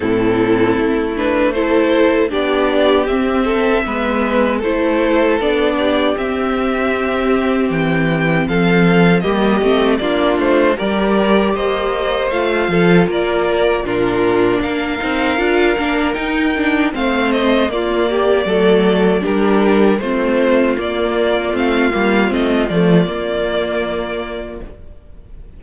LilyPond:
<<
  \new Staff \with { instrumentName = "violin" } { \time 4/4 \tempo 4 = 78 a'4. b'8 c''4 d''4 | e''2 c''4 d''4 | e''2 g''4 f''4 | dis''4 d''8 c''8 d''4 dis''4 |
f''4 d''4 ais'4 f''4~ | f''4 g''4 f''8 dis''8 d''4~ | d''4 ais'4 c''4 d''4 | f''4 dis''8 d''2~ d''8 | }
  \new Staff \with { instrumentName = "violin" } { \time 4/4 e'2 a'4 g'4~ | g'8 a'8 b'4 a'4. g'8~ | g'2. a'4 | g'4 f'4 ais'4 c''4~ |
c''8 a'8 ais'4 f'4 ais'4~ | ais'2 c''4 f'8 g'8 | a'4 g'4 f'2~ | f'1 | }
  \new Staff \with { instrumentName = "viola" } { \time 4/4 c'4. d'8 e'4 d'4 | c'4 b4 e'4 d'4 | c'1 | ais8 c'8 d'4 g'2 |
f'2 d'4. dis'8 | f'8 d'8 dis'8 d'8 c'4 ais4 | a4 d'4 c'4 ais4 | c'8 ais8 c'8 a8 ais2 | }
  \new Staff \with { instrumentName = "cello" } { \time 4/4 a,4 a2 b4 | c'4 gis4 a4 b4 | c'2 e4 f4 | g8 a8 ais8 a8 g4 ais4 |
a8 f8 ais4 ais,4 ais8 c'8 | d'8 ais8 dis'4 a4 ais4 | fis4 g4 a4 ais4 | a8 g8 a8 f8 ais2 | }
>>